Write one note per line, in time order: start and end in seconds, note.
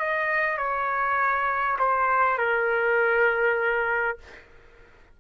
0.00 0.58 D#5
0.58 1.78 C#5
1.79 2.38 C5
2.38 4.18 A#4